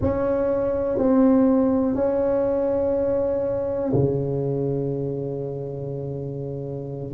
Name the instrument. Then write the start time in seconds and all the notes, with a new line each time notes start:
tuba
0.01 C#4
0.97 C4
1.95 C#4
3.93 C#3